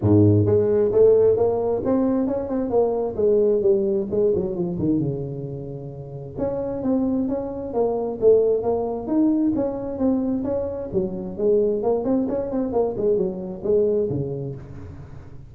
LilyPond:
\new Staff \with { instrumentName = "tuba" } { \time 4/4 \tempo 4 = 132 gis,4 gis4 a4 ais4 | c'4 cis'8 c'8 ais4 gis4 | g4 gis8 fis8 f8 dis8 cis4~ | cis2 cis'4 c'4 |
cis'4 ais4 a4 ais4 | dis'4 cis'4 c'4 cis'4 | fis4 gis4 ais8 c'8 cis'8 c'8 | ais8 gis8 fis4 gis4 cis4 | }